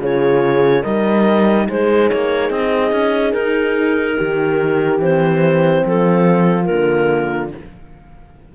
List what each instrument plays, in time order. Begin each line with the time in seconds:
0.00 cello C#3, horn F4 G#4, clarinet C#5
0.82 cello G3, horn D#4 A#4, clarinet D#5
1.67 cello G#3, horn G#4, clarinet C5
2.09 cello A#3, clarinet C#5
2.50 cello C4, clarinet D#5
2.92 cello C#4
3.33 cello D#4, clarinet A#4
4.16 cello D#3, horn G4
4.99 cello E3, horn C4, clarinet C5
5.86 cello F3, horn F4, clarinet A4
6.64 cello D3, horn A#3, clarinet A#4